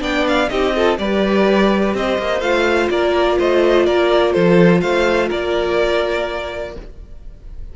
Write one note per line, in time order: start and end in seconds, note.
0.00 0.49 B3
0.00 0.48 D4
0.00 0.50 D5
0.00 0.27 G5
0.28 0.49 F5
0.49 0.98 C4
0.49 0.75 D#4
0.49 0.76 G4
0.49 0.97 D#5
0.75 0.98 F4
0.75 0.99 A4
0.98 1.94 G3
0.98 2.41 G4
0.98 1.96 B4
0.98 1.95 D5
1.94 2.18 C4
1.94 2.92 C5
1.94 2.41 D#5
2.18 2.41 A#3
2.41 2.89 A3
2.41 6.73 F4
2.41 2.89 F5
2.91 3.39 A#3
2.91 3.39 A#4
2.91 3.39 D5
3.39 3.87 A3
3.39 3.86 C5
3.39 3.86 D#5
3.86 4.35 A#3
3.86 4.33 A#4
3.86 4.33 D5
4.33 4.83 F3
4.33 4.81 A4
4.33 4.81 C5
4.81 5.31 A3
4.81 5.28 C5
4.81 5.29 F5
5.28 6.76 A#3
5.28 6.72 A#4
5.28 6.75 D5